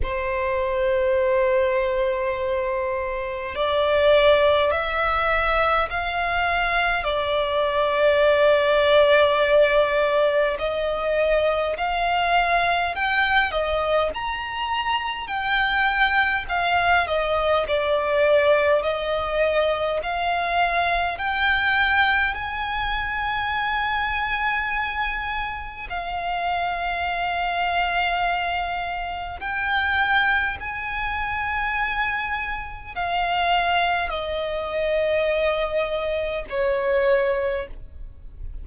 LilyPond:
\new Staff \with { instrumentName = "violin" } { \time 4/4 \tempo 4 = 51 c''2. d''4 | e''4 f''4 d''2~ | d''4 dis''4 f''4 g''8 dis''8 | ais''4 g''4 f''8 dis''8 d''4 |
dis''4 f''4 g''4 gis''4~ | gis''2 f''2~ | f''4 g''4 gis''2 | f''4 dis''2 cis''4 | }